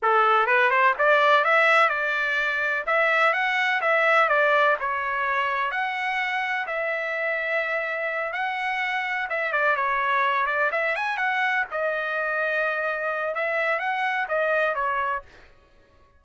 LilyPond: \new Staff \with { instrumentName = "trumpet" } { \time 4/4 \tempo 4 = 126 a'4 b'8 c''8 d''4 e''4 | d''2 e''4 fis''4 | e''4 d''4 cis''2 | fis''2 e''2~ |
e''4. fis''2 e''8 | d''8 cis''4. d''8 e''8 gis''8 fis''8~ | fis''8 dis''2.~ dis''8 | e''4 fis''4 dis''4 cis''4 | }